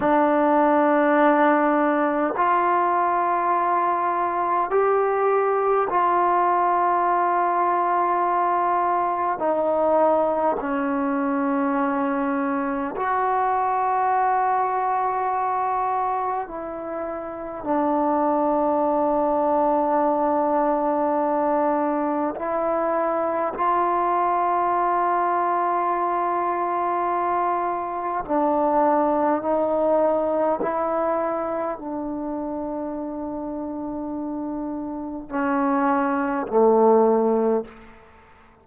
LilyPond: \new Staff \with { instrumentName = "trombone" } { \time 4/4 \tempo 4 = 51 d'2 f'2 | g'4 f'2. | dis'4 cis'2 fis'4~ | fis'2 e'4 d'4~ |
d'2. e'4 | f'1 | d'4 dis'4 e'4 d'4~ | d'2 cis'4 a4 | }